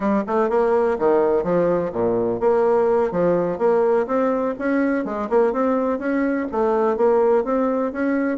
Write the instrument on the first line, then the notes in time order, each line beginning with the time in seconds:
bassoon
0.00 G3
0.26 A3
0.49 A#3
0.98 D#3
1.43 F3
1.92 A#2
2.40 A#3
3.11 F3
3.58 A#3
4.07 C4
4.58 C#4
5.04 G#3
5.29 A#3
5.52 C4
5.99 C#4
6.51 A3
6.96 A#3
7.44 C4
7.92 C#4